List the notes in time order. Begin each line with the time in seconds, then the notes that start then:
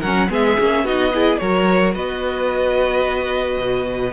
0.00 F#3 C#4 A#4 F#5
0.29 G#3 B3 G#4 E5
0.59 A#3 C#4
0.83 B3 D#4 F#4 D#5
1.12 E4 G#4
1.38 F#3 F#4 A#4 C#5
1.94 B3 B4 D#5
3.57 B2